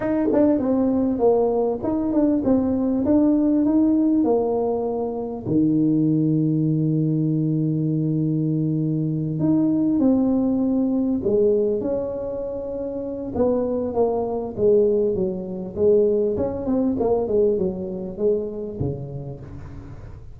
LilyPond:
\new Staff \with { instrumentName = "tuba" } { \time 4/4 \tempo 4 = 99 dis'8 d'8 c'4 ais4 dis'8 d'8 | c'4 d'4 dis'4 ais4~ | ais4 dis2.~ | dis2.~ dis8 dis'8~ |
dis'8 c'2 gis4 cis'8~ | cis'2 b4 ais4 | gis4 fis4 gis4 cis'8 c'8 | ais8 gis8 fis4 gis4 cis4 | }